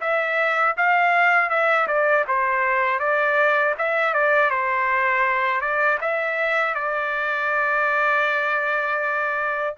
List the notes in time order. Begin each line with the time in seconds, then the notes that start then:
0.00 E5
0.76 F5
1.49 E5
1.87 D5
2.27 C5
2.99 D5
3.78 E5
4.14 D5
4.50 C5
5.60 D5
6.01 E5
6.74 D5